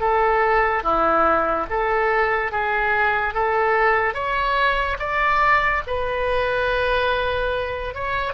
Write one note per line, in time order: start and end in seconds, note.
0.00 0.83 A4
0.83 1.66 E4
1.70 2.52 A4
2.52 3.34 G#4
3.34 4.14 A4
4.14 4.97 C#5
4.99 5.82 D5
5.87 7.94 B4
7.94 8.33 C#5